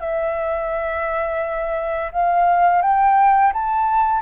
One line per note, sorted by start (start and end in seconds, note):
0.00 2.12 E5
2.12 2.82 F5
2.82 3.53 G5
3.53 4.22 A5